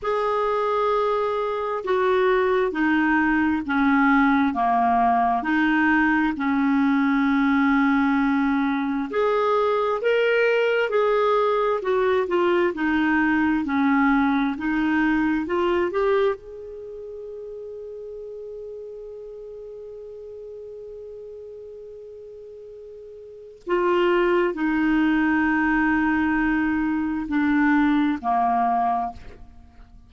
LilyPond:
\new Staff \with { instrumentName = "clarinet" } { \time 4/4 \tempo 4 = 66 gis'2 fis'4 dis'4 | cis'4 ais4 dis'4 cis'4~ | cis'2 gis'4 ais'4 | gis'4 fis'8 f'8 dis'4 cis'4 |
dis'4 f'8 g'8 gis'2~ | gis'1~ | gis'2 f'4 dis'4~ | dis'2 d'4 ais4 | }